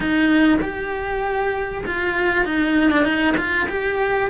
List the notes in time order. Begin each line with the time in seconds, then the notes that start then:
0.00 D#4
0.61 G4
1.86 F4
2.45 D#4
2.91 D4
3.04 D#4
3.37 F4
3.68 G4